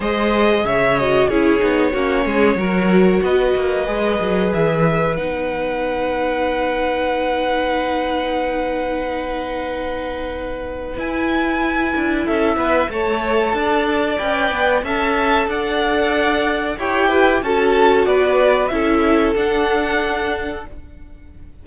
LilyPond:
<<
  \new Staff \with { instrumentName = "violin" } { \time 4/4 \tempo 4 = 93 dis''4 e''8 dis''8 cis''2~ | cis''4 dis''2 e''4 | fis''1~ | fis''1~ |
fis''4 gis''2 e''4 | a''2 g''4 a''4 | fis''2 g''4 a''4 | d''4 e''4 fis''2 | }
  \new Staff \with { instrumentName = "violin" } { \time 4/4 c''4 cis''4 gis'4 fis'8 gis'8 | ais'4 b'2.~ | b'1~ | b'1~ |
b'2. a'8 b'8 | cis''4 d''2 e''4 | d''2 cis''8 b'8 a'4 | b'4 a'2. | }
  \new Staff \with { instrumentName = "viola" } { \time 4/4 gis'4. fis'8 e'8 dis'8 cis'4 | fis'2 gis'2 | dis'1~ | dis'1~ |
dis'4 e'2. | a'2 b'4 a'4~ | a'2 g'4 fis'4~ | fis'4 e'4 d'2 | }
  \new Staff \with { instrumentName = "cello" } { \time 4/4 gis4 cis4 cis'8 b8 ais8 gis8 | fis4 b8 ais8 gis8 fis8 e4 | b1~ | b1~ |
b4 e'4. d'8 cis'8 b8 | a4 d'4 cis'8 b8 cis'4 | d'2 e'4 cis'4 | b4 cis'4 d'2 | }
>>